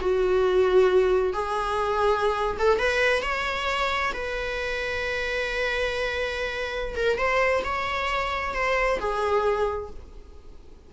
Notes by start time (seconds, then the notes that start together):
0.00 F#4
1.33 G#4
2.59 A4
2.78 B4
3.22 C#5
4.13 B4
6.96 A#4
7.18 C5
7.64 C#5
8.54 C5
9.00 G#4